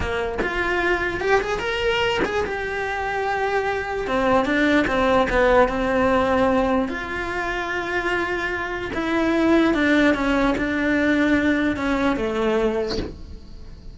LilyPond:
\new Staff \with { instrumentName = "cello" } { \time 4/4 \tempo 4 = 148 ais4 f'2 g'8 gis'8 | ais'4. gis'8 g'2~ | g'2 c'4 d'4 | c'4 b4 c'2~ |
c'4 f'2.~ | f'2 e'2 | d'4 cis'4 d'2~ | d'4 cis'4 a2 | }